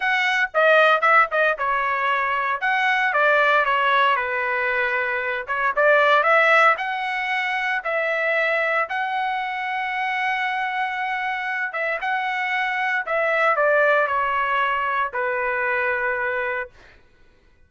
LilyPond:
\new Staff \with { instrumentName = "trumpet" } { \time 4/4 \tempo 4 = 115 fis''4 dis''4 e''8 dis''8 cis''4~ | cis''4 fis''4 d''4 cis''4 | b'2~ b'8 cis''8 d''4 | e''4 fis''2 e''4~ |
e''4 fis''2.~ | fis''2~ fis''8 e''8 fis''4~ | fis''4 e''4 d''4 cis''4~ | cis''4 b'2. | }